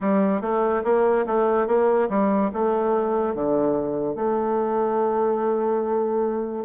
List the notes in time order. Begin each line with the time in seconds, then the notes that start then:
0.00 G3
0.41 A3
0.84 A#3
1.26 A3
1.67 A#3
2.09 G3
2.53 A3
3.34 D3
4.15 A3